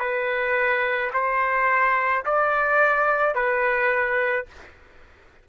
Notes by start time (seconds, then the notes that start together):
0.00 B4
1.14 C5
2.26 D5
3.35 B4